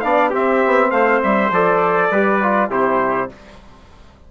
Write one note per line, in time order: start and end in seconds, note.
0.00 0.33 B3
0.00 0.31 D4
0.00 0.30 D5
0.00 0.30 F5
0.30 1.50 C4
0.30 0.63 C4
0.30 0.89 G4
0.30 0.91 E5
0.65 0.90 B3
0.90 1.20 A3
0.90 2.10 C5
0.90 1.20 F5
1.23 1.50 G3
1.23 1.52 E5
1.50 2.10 F3
1.50 2.12 A4
1.50 2.71 D5
2.10 2.69 G3
2.10 2.42 G4
2.10 2.70 B4
2.42 2.69 F4
2.69 3.29 C3
2.69 3.29 E4
2.69 3.29 G4
2.69 3.31 C5